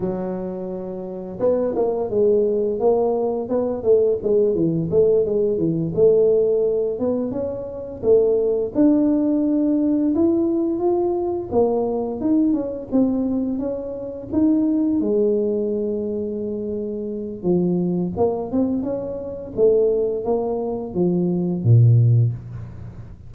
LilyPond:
\new Staff \with { instrumentName = "tuba" } { \time 4/4 \tempo 4 = 86 fis2 b8 ais8 gis4 | ais4 b8 a8 gis8 e8 a8 gis8 | e8 a4. b8 cis'4 a8~ | a8 d'2 e'4 f'8~ |
f'8 ais4 dis'8 cis'8 c'4 cis'8~ | cis'8 dis'4 gis2~ gis8~ | gis4 f4 ais8 c'8 cis'4 | a4 ais4 f4 ais,4 | }